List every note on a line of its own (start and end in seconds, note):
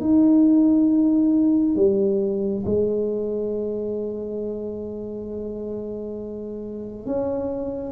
0.00 1.75 D#4
1.75 2.64 G3
2.66 7.06 G#3
7.06 7.92 C#4